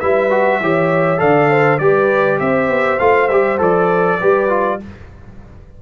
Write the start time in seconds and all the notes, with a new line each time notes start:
0.00 G3 E4 B4 E5
0.30 F#4
0.60 E3 G4 C#5
1.17 D3 A4 D5 F5
1.50 C5
1.78 G3 G4 B4 D5
2.39 C4 C5 E5
2.69 B3
2.99 A3 F4 F5
3.28 G3 G4 E5
3.58 F3 A4 D5
4.20 G3 G4 B4
4.49 F4